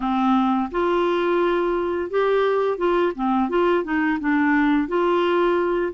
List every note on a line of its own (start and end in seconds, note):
0.00 0.69 C4
0.71 2.10 F4
2.10 2.77 G4
2.77 3.12 F4
3.15 3.49 C4
3.49 3.84 F4
3.84 4.19 D#4
4.20 4.88 D4
4.88 5.92 F4